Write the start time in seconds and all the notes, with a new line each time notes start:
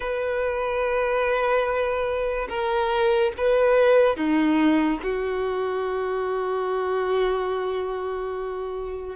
0.00 B4
2.49 A#4
3.37 B4
4.16 D#4
5.02 F#4